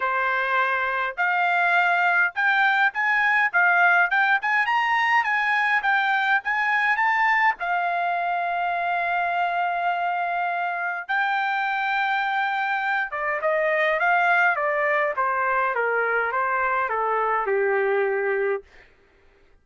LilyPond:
\new Staff \with { instrumentName = "trumpet" } { \time 4/4 \tempo 4 = 103 c''2 f''2 | g''4 gis''4 f''4 g''8 gis''8 | ais''4 gis''4 g''4 gis''4 | a''4 f''2.~ |
f''2. g''4~ | g''2~ g''8 d''8 dis''4 | f''4 d''4 c''4 ais'4 | c''4 a'4 g'2 | }